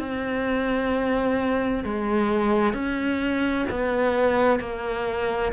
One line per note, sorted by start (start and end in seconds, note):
0.00 1.85 C4
1.85 2.74 G#3
2.74 3.66 C#4
3.70 4.60 B3
4.60 5.53 A#3